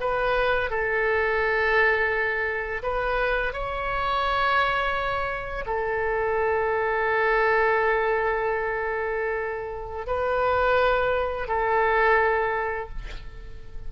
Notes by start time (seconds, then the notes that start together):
0.00 B4
0.70 A4
2.82 B4
3.53 C#5
5.66 A4
10.06 B4
11.47 A4